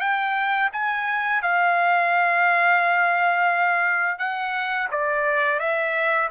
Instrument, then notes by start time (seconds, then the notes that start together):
trumpet
0.00 G5
0.72 G#5
1.42 F5
4.18 F#5
4.91 D5
5.59 E5